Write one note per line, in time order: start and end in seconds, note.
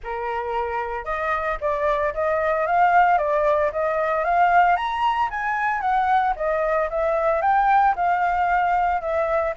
0.03 1.05 A#4
1.05 1.58 D#5
1.60 2.13 D5
2.14 2.66 D#5
2.66 3.18 F5
3.18 3.71 D5
3.71 4.24 D#5
4.24 4.76 F5
4.76 5.29 A#5
5.30 5.80 G#5
5.80 6.34 F#5
6.35 6.89 D#5
6.90 7.41 E5
7.41 7.95 G5
7.95 9.01 F5
9.01 9.54 E5